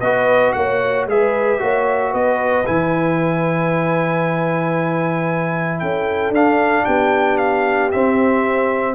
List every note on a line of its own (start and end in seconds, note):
0.00 0.53 B3
0.00 1.09 F#4
0.00 0.55 B4
0.00 0.53 D#5
0.53 1.06 A#3
0.53 1.08 C#5
0.53 1.05 F#5
1.06 1.59 G#3
1.06 1.59 G#4
1.06 1.62 B4
1.06 2.14 E5
1.59 2.13 A#3
1.59 2.64 F#4
1.59 2.10 C#5
2.10 2.66 B3
2.10 5.79 B4
2.10 2.66 D#5
2.66 5.82 E3
2.66 6.34 E4
2.66 5.79 G#5
5.79 6.30 C#4
5.79 6.85 A4
5.79 6.32 G5
6.30 6.82 D4
6.30 7.92 D4
6.30 6.85 F5
6.85 7.92 B3
6.85 8.95 G4
6.85 7.37 G5
7.37 7.90 F5
7.91 8.95 C4
7.91 8.95 E5